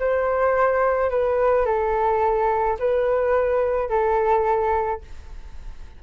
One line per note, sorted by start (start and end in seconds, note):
0.00 1.10 C5
1.10 1.66 B4
1.66 2.78 A4
2.79 3.89 B4
3.89 5.02 A4